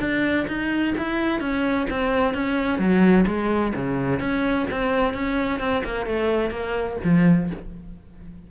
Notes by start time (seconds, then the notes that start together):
0.00 D4
0.48 D#4
0.98 E4
1.40 C#4
1.90 C4
2.34 C#4
2.79 F#3
3.27 G#3
3.75 C#3
4.20 C#4
4.71 C4
5.14 C#4
5.60 C4
5.85 A#3
6.06 A3
6.51 A#3
7.04 F3